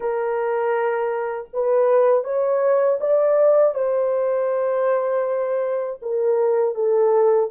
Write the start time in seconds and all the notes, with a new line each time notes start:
0.00 A#4
1.53 B4
2.24 C#5
3.00 D5
3.74 C5
6.01 A#4
6.74 A4